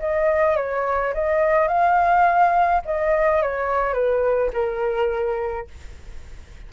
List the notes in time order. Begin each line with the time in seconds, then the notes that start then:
0.00 D#5
0.57 C#5
1.14 D#5
1.68 F5
2.85 D#5
3.43 C#5
3.94 B4
4.54 A#4